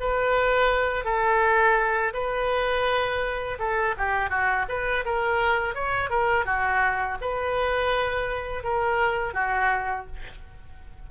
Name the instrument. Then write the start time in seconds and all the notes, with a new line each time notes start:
oboe
0.00 B4
1.04 A4
2.13 B4
3.59 A4
3.97 G4
4.29 F#4
4.68 B4
5.05 A#4
5.74 C#5
6.10 A#4
6.45 F#4
7.21 B4
8.63 A#4
9.34 F#4